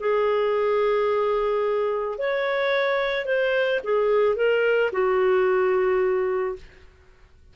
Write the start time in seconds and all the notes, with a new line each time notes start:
0.00 G#4
2.18 C#5
3.26 C5
3.84 G#4
4.36 A#4
4.92 F#4